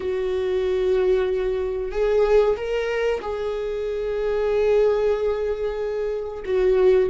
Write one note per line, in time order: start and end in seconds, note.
0.00 1.91 F#4
1.91 2.56 G#4
2.56 3.21 A#4
3.21 6.43 G#4
6.45 7.09 F#4